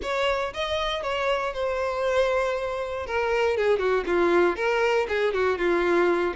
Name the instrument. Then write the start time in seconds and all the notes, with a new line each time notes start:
violin
0.02 C#5
0.53 D#5
1.02 C#5
1.53 C5
3.06 A#4
3.56 G#4
3.78 F#4
4.06 F4
4.56 A#4
5.08 G#4
5.33 F#4
5.57 F4